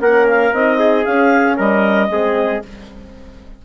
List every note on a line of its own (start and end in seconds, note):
0.00 0.52 A#3
0.00 0.54 C#4
0.00 0.79 A#4
0.00 0.27 F#5
0.28 0.53 F5
0.53 1.05 C4
0.53 1.06 D#4
0.53 1.04 D#5
0.79 1.57 G#4
1.04 1.58 C#4
1.04 2.11 C#4
1.04 1.57 F5
1.57 2.09 G3
1.57 2.09 A#4
1.57 2.62 D#5
2.09 2.61 G#3
2.09 2.63 C4
2.09 2.65 G#4